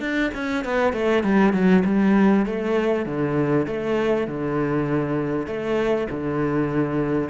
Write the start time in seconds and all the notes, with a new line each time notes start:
0.00 D4
0.34 C#4
0.64 B3
0.93 A3
1.23 G3
1.53 F#3
1.85 G3
2.46 A3
3.06 D3
3.66 A3
4.27 D3
5.46 A3
6.10 D3